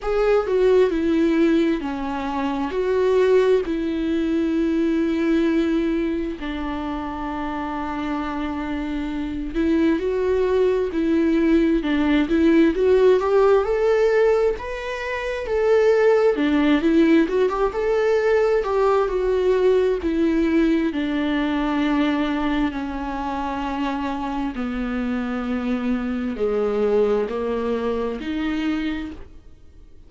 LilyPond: \new Staff \with { instrumentName = "viola" } { \time 4/4 \tempo 4 = 66 gis'8 fis'8 e'4 cis'4 fis'4 | e'2. d'4~ | d'2~ d'8 e'8 fis'4 | e'4 d'8 e'8 fis'8 g'8 a'4 |
b'4 a'4 d'8 e'8 fis'16 g'16 a'8~ | a'8 g'8 fis'4 e'4 d'4~ | d'4 cis'2 b4~ | b4 gis4 ais4 dis'4 | }